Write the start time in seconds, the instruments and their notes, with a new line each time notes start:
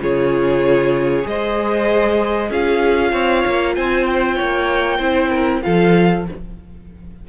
0.00 cello C#3, viola F4, violin G#4 C#5
1.23 cello G#3, viola G#4, violin C5 D#5
2.50 cello C#4, viola F4, violin G#4 F5
3.12 cello C4, violin C#5
3.47 cello A#3
3.75 cello C4, violin C5 G#5
4.06 violin G5
4.36 cello A#3, violin C#5
4.98 cello C4, viola E4, violin C5
5.30 violin A#4
5.62 cello F3, viola F4, violin A4 F5